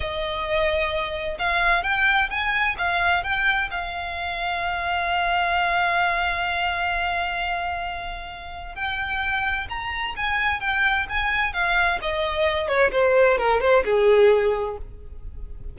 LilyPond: \new Staff \with { instrumentName = "violin" } { \time 4/4 \tempo 4 = 130 dis''2. f''4 | g''4 gis''4 f''4 g''4 | f''1~ | f''1~ |
f''2. g''4~ | g''4 ais''4 gis''4 g''4 | gis''4 f''4 dis''4. cis''8 | c''4 ais'8 c''8 gis'2 | }